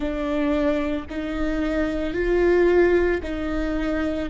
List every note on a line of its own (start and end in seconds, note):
0.00 1.05 D4
1.09 2.13 D#4
2.13 3.20 F4
3.22 4.29 D#4